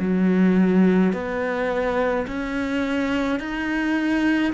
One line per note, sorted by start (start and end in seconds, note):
0.00 1.13 F#3
1.13 2.26 B3
2.27 3.40 C#4
3.40 4.53 D#4